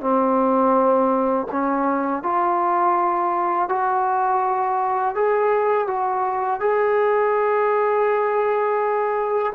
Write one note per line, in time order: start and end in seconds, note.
0.00 1.46 C4
1.51 2.23 C#4
2.23 3.68 F4
3.68 5.15 F#4
5.15 5.87 G#4
5.87 6.60 F#4
6.60 9.53 G#4